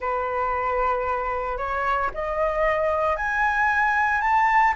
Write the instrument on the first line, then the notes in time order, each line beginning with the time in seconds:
flute
0.00 B4
1.57 C#5
2.13 D#5
3.16 G#5
4.21 A5